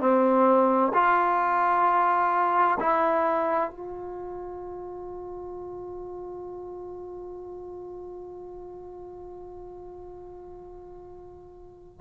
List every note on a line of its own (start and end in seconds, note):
0.00 0.92 C4
0.94 2.79 F4
2.80 3.71 E4
3.71 12.01 F4